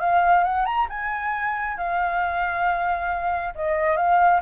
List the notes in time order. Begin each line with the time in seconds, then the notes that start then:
0.00 F5
0.44 F#5
0.66 A#5
0.89 G#5
1.78 F5
3.55 D#5
3.97 F5